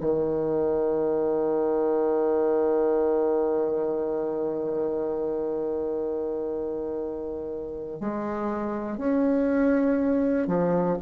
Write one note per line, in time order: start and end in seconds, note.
0.00 8.00 D#3
8.00 8.98 G#3
8.98 10.47 C#4
10.47 10.97 F3